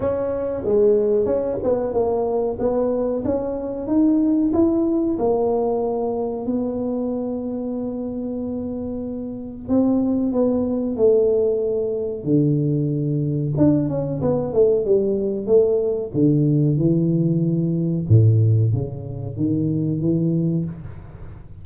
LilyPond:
\new Staff \with { instrumentName = "tuba" } { \time 4/4 \tempo 4 = 93 cis'4 gis4 cis'8 b8 ais4 | b4 cis'4 dis'4 e'4 | ais2 b2~ | b2. c'4 |
b4 a2 d4~ | d4 d'8 cis'8 b8 a8 g4 | a4 d4 e2 | a,4 cis4 dis4 e4 | }